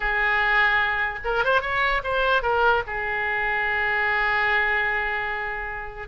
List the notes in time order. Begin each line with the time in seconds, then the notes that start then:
0.00 G#4
1.24 A#4
1.44 C5
1.61 C#5
2.03 C5
2.42 A#4
2.86 G#4